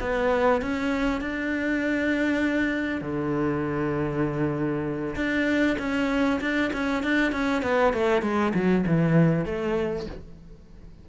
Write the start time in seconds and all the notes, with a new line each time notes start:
0.00 B3
0.61 C#4
1.21 D4
3.01 D3
5.15 D4
5.78 C#4
6.40 D4
6.73 C#4
7.03 D4
7.32 C#4
7.62 B3
7.93 A3
8.22 G#3
8.54 F#3
8.86 E3
9.45 A3